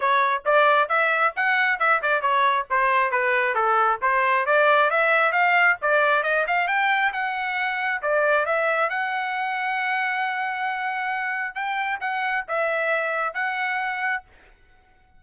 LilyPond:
\new Staff \with { instrumentName = "trumpet" } { \time 4/4 \tempo 4 = 135 cis''4 d''4 e''4 fis''4 | e''8 d''8 cis''4 c''4 b'4 | a'4 c''4 d''4 e''4 | f''4 d''4 dis''8 f''8 g''4 |
fis''2 d''4 e''4 | fis''1~ | fis''2 g''4 fis''4 | e''2 fis''2 | }